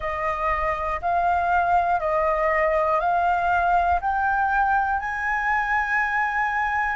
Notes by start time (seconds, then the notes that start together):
0.00 D#5
1.01 F5
2.00 D#5
3.00 F5
4.00 G5
5.00 G#5